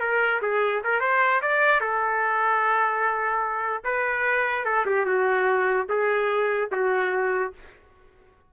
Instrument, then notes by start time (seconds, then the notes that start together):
trumpet
0.00 A#4
0.42 G#4
0.84 A#4
1.00 C5
1.42 D5
1.80 A4
3.84 B4
4.65 A4
4.86 G4
5.06 F#4
5.89 G#4
6.72 F#4